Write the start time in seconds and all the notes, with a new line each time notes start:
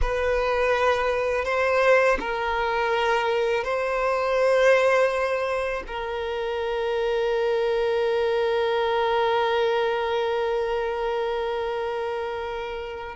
0.01 B4
1.44 C5
2.20 A#4
3.64 C5
5.87 A#4